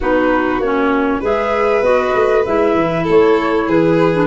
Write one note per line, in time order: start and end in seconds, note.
0.00 0.59 B3
0.00 0.62 D#4
0.00 1.20 F#4
0.00 0.60 B4
0.59 1.21 A#3
0.59 1.22 C#4
0.59 1.21 C#5
1.20 1.82 G#3
1.20 1.82 G#4
1.20 3.03 B4
1.20 1.83 E5
1.82 2.12 B3
1.82 2.44 F#4
1.82 2.44 D#5
2.14 2.45 A3
2.45 2.74 G#3
2.45 4.14 E4
2.45 3.06 E5
2.74 3.05 E3
3.03 3.68 A3
3.03 3.64 A4
3.10 3.69 C#5
3.67 4.27 E3
3.67 4.27 G#4
3.67 4.27 B4
4.14 4.27 D4